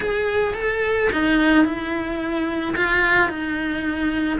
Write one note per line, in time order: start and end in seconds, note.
0.00 0.54 G#4
0.54 1.09 A4
1.12 1.64 D#4
1.64 2.74 E4
2.76 3.29 F4
3.29 4.39 D#4